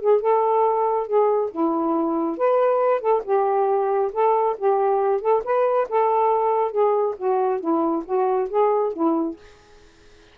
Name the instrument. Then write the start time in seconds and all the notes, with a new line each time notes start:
saxophone
0.00 G#4
0.21 A4
1.07 G#4
1.51 E4
2.37 B4
3.01 A4
3.25 G4
4.13 A4
4.58 G4
5.21 A4
5.44 B4
5.89 A4
6.72 G#4
7.18 F#4
7.60 E4
8.05 F#4
8.49 G#4
8.93 E4